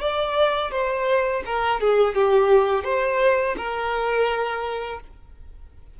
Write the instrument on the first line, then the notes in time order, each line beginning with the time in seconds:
violin
0.00 D5
0.71 C5
1.45 A#4
1.80 G#4
2.14 G4
2.84 C5
3.57 A#4